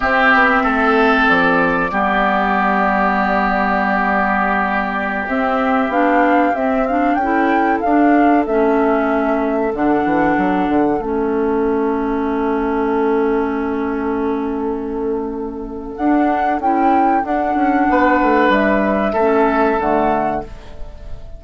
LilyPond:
<<
  \new Staff \with { instrumentName = "flute" } { \time 4/4 \tempo 4 = 94 e''2 d''2~ | d''1~ | d''16 e''4 f''4 e''8 f''8 g''8.~ | g''16 f''4 e''2 fis''8.~ |
fis''4~ fis''16 e''2~ e''8.~ | e''1~ | e''4 fis''4 g''4 fis''4~ | fis''4 e''2 fis''4 | }
  \new Staff \with { instrumentName = "oboe" } { \time 4/4 g'4 a'2 g'4~ | g'1~ | g'2.~ g'16 a'8.~ | a'1~ |
a'1~ | a'1~ | a'1 | b'2 a'2 | }
  \new Staff \with { instrumentName = "clarinet" } { \time 4/4 c'2. b4~ | b1~ | b16 c'4 d'4 c'8 d'8 e'8.~ | e'16 d'4 cis'2 d'8.~ |
d'4~ d'16 cis'2~ cis'8.~ | cis'1~ | cis'4 d'4 e'4 d'4~ | d'2 cis'4 a4 | }
  \new Staff \with { instrumentName = "bassoon" } { \time 4/4 c'8 b8 a4 f4 g4~ | g1~ | g16 c'4 b4 c'4 cis'8.~ | cis'16 d'4 a2 d8 e16~ |
e16 fis8 d8 a2~ a8.~ | a1~ | a4 d'4 cis'4 d'8 cis'8 | b8 a8 g4 a4 d4 | }
>>